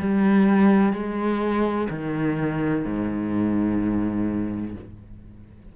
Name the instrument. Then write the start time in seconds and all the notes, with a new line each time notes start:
cello
0.00 G3
0.94 G#3
1.90 D#3
2.85 G#2